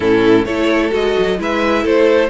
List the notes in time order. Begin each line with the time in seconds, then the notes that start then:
0.00 A2 C#4 E4 A4
0.45 A3 E4 A4 C#5
0.90 G#3 F#4 D#5
1.18 F#3
1.37 G#3 E4 B4 E5
1.83 A3 A4 C5